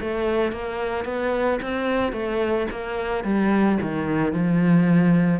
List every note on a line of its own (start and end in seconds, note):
0.00 0.52 A3
0.52 1.04 A#3
1.04 1.59 B3
1.62 2.12 C4
2.12 2.67 A3
2.71 3.24 A#3
3.24 3.78 G3
3.81 4.32 D#3
4.32 5.40 F3